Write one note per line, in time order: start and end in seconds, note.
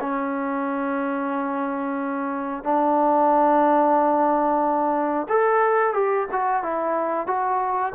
0.00 2.63 C#4
2.63 5.27 D4
5.28 5.93 A4
5.93 6.26 G4
6.31 6.62 F#4
6.62 7.26 E4
7.26 7.92 F#4